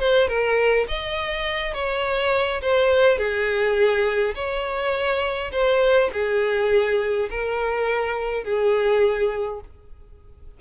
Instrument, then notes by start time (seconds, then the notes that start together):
violin
0.00 C5
0.28 A#4
0.88 D#5
1.74 C#5
2.62 C5
3.18 G#4
4.35 C#5
5.52 C5
6.13 G#4
7.30 A#4
8.44 G#4